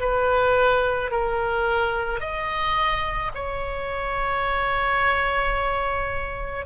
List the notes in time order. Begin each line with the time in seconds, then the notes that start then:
0.00 B4
1.11 A#4
2.20 D#5
3.35 C#5